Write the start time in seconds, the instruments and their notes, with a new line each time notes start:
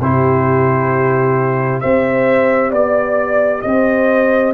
0.00 tuba C3, trombone E4, horn G4, trumpet C5
1.80 tuba C4, trombone G4, horn C5, trumpet E5
2.70 tuba B3, horn D5, trumpet D5
3.62 tuba C4, horn C5, trumpet D#5